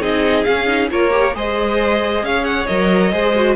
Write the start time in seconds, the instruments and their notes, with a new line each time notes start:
0.00 cello C4, viola D#4, violin G#4 D#5
0.44 cello C#4, viola C#4, violin F5
0.66 viola D#4
0.90 cello A#3, viola F4, violin A#4 C#5
1.10 viola G4
1.34 cello G#3, viola G#4, violin C5 D#5
2.22 cello C#4, violin C#5 F5
2.44 violin F#5
2.66 cello F#3, viola A#4, violin D#5
3.12 cello G#3, viola G#4, violin C5
3.35 viola F#4